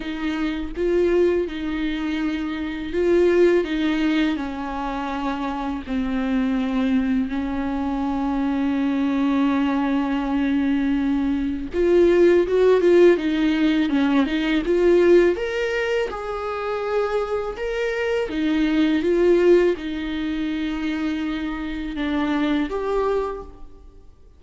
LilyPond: \new Staff \with { instrumentName = "viola" } { \time 4/4 \tempo 4 = 82 dis'4 f'4 dis'2 | f'4 dis'4 cis'2 | c'2 cis'2~ | cis'1 |
f'4 fis'8 f'8 dis'4 cis'8 dis'8 | f'4 ais'4 gis'2 | ais'4 dis'4 f'4 dis'4~ | dis'2 d'4 g'4 | }